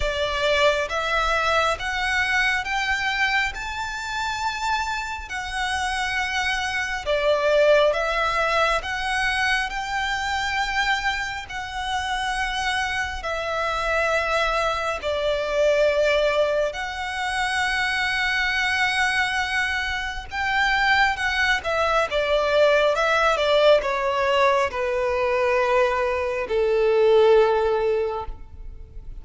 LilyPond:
\new Staff \with { instrumentName = "violin" } { \time 4/4 \tempo 4 = 68 d''4 e''4 fis''4 g''4 | a''2 fis''2 | d''4 e''4 fis''4 g''4~ | g''4 fis''2 e''4~ |
e''4 d''2 fis''4~ | fis''2. g''4 | fis''8 e''8 d''4 e''8 d''8 cis''4 | b'2 a'2 | }